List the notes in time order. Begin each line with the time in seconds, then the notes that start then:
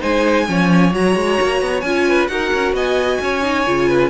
0.00 G#3 D#4 C5 G#5
0.46 F3 C#4 C#5
0.91 F#3 F#4 A#5
1.15 G#3
1.41 A#3
1.61 B3
1.80 C#4 F4 G#5
2.08 B4
2.27 D#4 F#4 A#4 F#5
2.53 C#4
2.73 B3 D#5 G#5
3.21 C#4 C#5
3.42 D#4
3.66 C#3 F4
3.89 B4